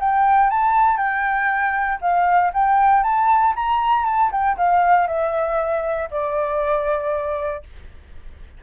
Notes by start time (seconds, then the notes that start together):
0.00 G5
0.50 A5
0.97 G5
2.01 F5
2.54 G5
3.03 A5
3.56 A#5
4.06 A5
4.32 G5
4.58 F5
5.08 E5
6.11 D5